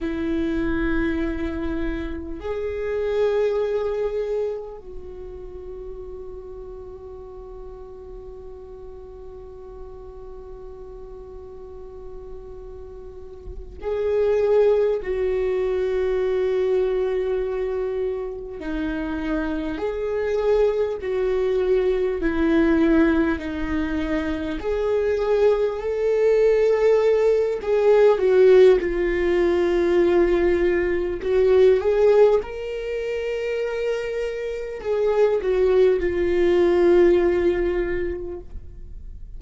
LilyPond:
\new Staff \with { instrumentName = "viola" } { \time 4/4 \tempo 4 = 50 e'2 gis'2 | fis'1~ | fis'2.~ fis'8 gis'8~ | gis'8 fis'2. dis'8~ |
dis'8 gis'4 fis'4 e'4 dis'8~ | dis'8 gis'4 a'4. gis'8 fis'8 | f'2 fis'8 gis'8 ais'4~ | ais'4 gis'8 fis'8 f'2 | }